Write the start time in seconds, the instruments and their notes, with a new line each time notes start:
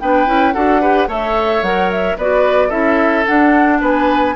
0.00 bassoon B3, clarinet D4, oboe B4, flute G5
0.26 bassoon C#4, clarinet E4
0.53 bassoon D4, clarinet F#4, oboe A4, flute F#5
0.81 clarinet G4, oboe B4
1.08 bassoon A3, clarinet A4, oboe C#5, flute E5
1.62 bassoon F#3, clarinet A#4, flute F#5
1.91 flute E5
2.17 bassoon B3, clarinet F#4, oboe B4, flute D5
2.69 bassoon C#4, clarinet E4, oboe A4, flute E5
3.26 clarinet D4, bassoon D4, flute F#5
3.81 bassoon B3, oboe B4, flute G#5